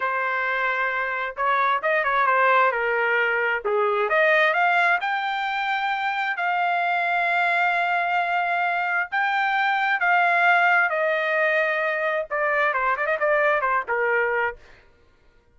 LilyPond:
\new Staff \with { instrumentName = "trumpet" } { \time 4/4 \tempo 4 = 132 c''2. cis''4 | dis''8 cis''8 c''4 ais'2 | gis'4 dis''4 f''4 g''4~ | g''2 f''2~ |
f''1 | g''2 f''2 | dis''2. d''4 | c''8 d''16 dis''16 d''4 c''8 ais'4. | }